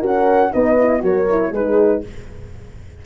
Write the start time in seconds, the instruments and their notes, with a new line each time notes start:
0.00 horn C#4 A#4, tuba F#4, flute F#5
0.52 tuba B3, horn D#4 B4, flute D#5
0.79 horn E4
1.00 tuba F#3, horn F#4 A#4, flute C#5
1.29 horn E4
1.51 tuba G#3, horn D#4 G#4, flute B4